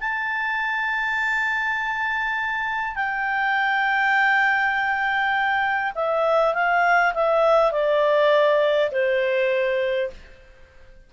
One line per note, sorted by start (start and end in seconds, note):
0.00 2.95 A5
2.95 5.92 G5
5.95 6.54 E5
6.54 7.13 F5
7.14 7.71 E5
7.71 8.90 D5
8.91 10.10 C5